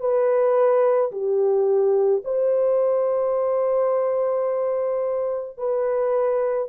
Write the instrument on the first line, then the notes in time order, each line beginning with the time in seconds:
horn
0.00 B4
1.11 G4
2.24 C5
5.57 B4